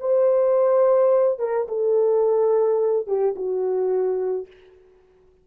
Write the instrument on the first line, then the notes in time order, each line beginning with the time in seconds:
horn
0.00 C5
1.39 A#4
1.68 A4
3.07 G4
3.36 F#4